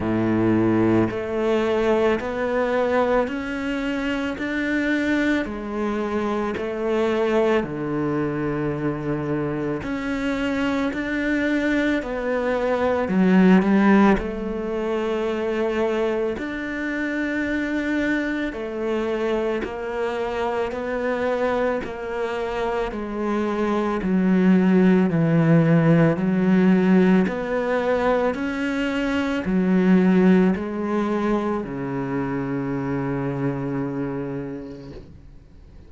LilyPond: \new Staff \with { instrumentName = "cello" } { \time 4/4 \tempo 4 = 55 a,4 a4 b4 cis'4 | d'4 gis4 a4 d4~ | d4 cis'4 d'4 b4 | fis8 g8 a2 d'4~ |
d'4 a4 ais4 b4 | ais4 gis4 fis4 e4 | fis4 b4 cis'4 fis4 | gis4 cis2. | }